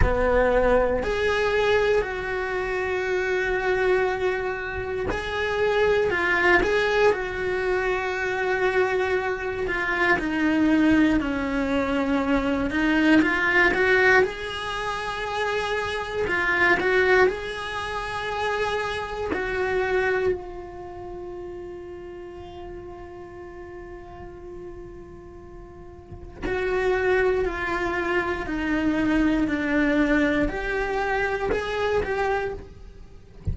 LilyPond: \new Staff \with { instrumentName = "cello" } { \time 4/4 \tempo 4 = 59 b4 gis'4 fis'2~ | fis'4 gis'4 f'8 gis'8 fis'4~ | fis'4. f'8 dis'4 cis'4~ | cis'8 dis'8 f'8 fis'8 gis'2 |
f'8 fis'8 gis'2 fis'4 | f'1~ | f'2 fis'4 f'4 | dis'4 d'4 g'4 gis'8 g'8 | }